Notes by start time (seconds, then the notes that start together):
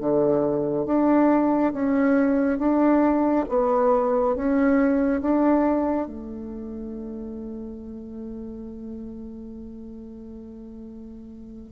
0.00 D3
0.86 D4
1.73 C#4
2.58 D4
3.49 B3
4.35 C#4
5.21 D4
6.07 A3